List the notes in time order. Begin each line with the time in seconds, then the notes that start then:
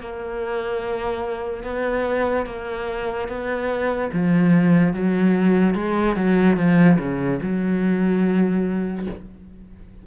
0.00 A#3
1.63 B3
2.46 A#3
3.28 B3
4.12 F3
4.93 F#3
5.75 G#3
6.15 F#3
6.56 F3
6.98 C#3
7.42 F#3